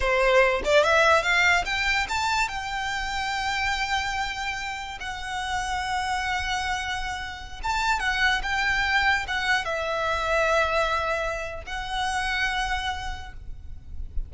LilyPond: \new Staff \with { instrumentName = "violin" } { \time 4/4 \tempo 4 = 144 c''4. d''8 e''4 f''4 | g''4 a''4 g''2~ | g''1 | fis''1~ |
fis''2~ fis''16 a''4 fis''8.~ | fis''16 g''2 fis''4 e''8.~ | e''1 | fis''1 | }